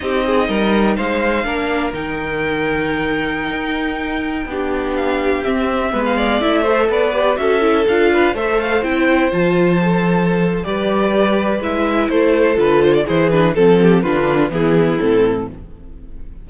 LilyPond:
<<
  \new Staff \with { instrumentName = "violin" } { \time 4/4 \tempo 4 = 124 dis''2 f''2 | g''1~ | g''2~ g''16 f''4 e''8.~ | e''8 f''8. e''4 d''4 e''8.~ |
e''16 f''4 e''8 f''8 g''4 a''8.~ | a''2 d''2 | e''4 c''4 b'8 c''16 d''16 c''8 b'8 | a'4 b'4 gis'4 a'4 | }
  \new Staff \with { instrumentName = "violin" } { \time 4/4 g'8 gis'8 ais'4 c''4 ais'4~ | ais'1~ | ais'4~ ais'16 g'2~ g'8.~ | g'16 b'8 d''4 c''8 b'4 a'8.~ |
a'8. b'8 c''2~ c''8.~ | c''2 b'2~ | b'4 a'2 gis'4 | a'8 g'8 f'4 e'2 | }
  \new Staff \with { instrumentName = "viola" } { \time 4/4 dis'2. d'4 | dis'1~ | dis'4~ dis'16 d'2 c'8.~ | c'16 b4 e'8 a'4 g'8 fis'8 e'16~ |
e'16 f'4 a'4 e'4 f'8.~ | f'16 a'4.~ a'16 g'2 | e'2 f'4 e'8 d'8 | c'4 d'4 b4 c'4 | }
  \new Staff \with { instrumentName = "cello" } { \time 4/4 c'4 g4 gis4 ais4 | dis2.~ dis16 dis'8.~ | dis'4~ dis'16 b2 c'8.~ | c'16 gis4 a4 b4 cis'8.~ |
cis'16 d'4 a4 c'4 f8.~ | f2 g2 | gis4 a4 d4 e4 | f4 d4 e4 a,4 | }
>>